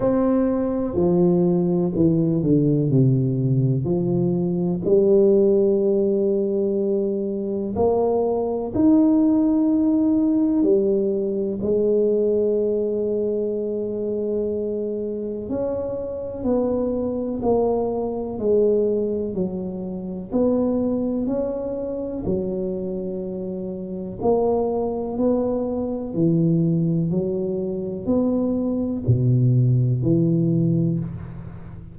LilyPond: \new Staff \with { instrumentName = "tuba" } { \time 4/4 \tempo 4 = 62 c'4 f4 e8 d8 c4 | f4 g2. | ais4 dis'2 g4 | gis1 |
cis'4 b4 ais4 gis4 | fis4 b4 cis'4 fis4~ | fis4 ais4 b4 e4 | fis4 b4 b,4 e4 | }